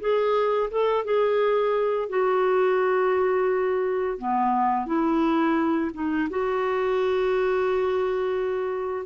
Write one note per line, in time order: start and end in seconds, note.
0.00 0.70 G#4
0.70 1.05 A4
1.05 2.09 G#4
2.09 4.18 F#4
4.18 4.86 B3
4.86 5.91 E4
5.94 6.29 D#4
6.30 9.06 F#4